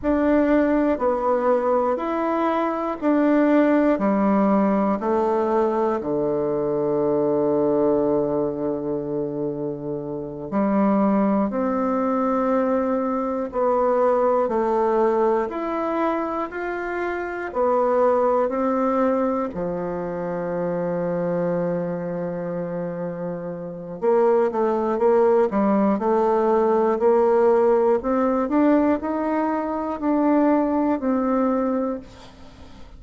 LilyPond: \new Staff \with { instrumentName = "bassoon" } { \time 4/4 \tempo 4 = 60 d'4 b4 e'4 d'4 | g4 a4 d2~ | d2~ d8 g4 c'8~ | c'4. b4 a4 e'8~ |
e'8 f'4 b4 c'4 f8~ | f1 | ais8 a8 ais8 g8 a4 ais4 | c'8 d'8 dis'4 d'4 c'4 | }